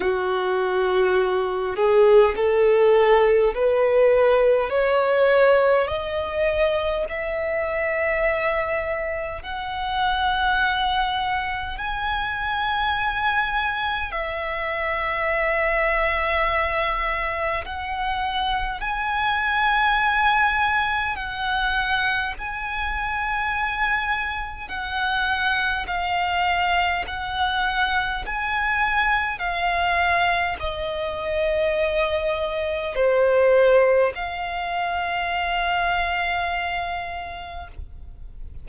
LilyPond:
\new Staff \with { instrumentName = "violin" } { \time 4/4 \tempo 4 = 51 fis'4. gis'8 a'4 b'4 | cis''4 dis''4 e''2 | fis''2 gis''2 | e''2. fis''4 |
gis''2 fis''4 gis''4~ | gis''4 fis''4 f''4 fis''4 | gis''4 f''4 dis''2 | c''4 f''2. | }